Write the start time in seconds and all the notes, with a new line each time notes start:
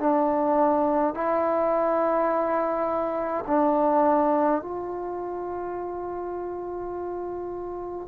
0.00 D4
1.14 E4
3.47 D4
4.62 F4